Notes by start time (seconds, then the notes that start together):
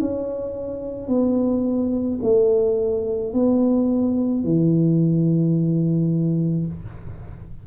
0.00 C#4
1.08 B3
2.22 A3
3.33 B3
4.44 E3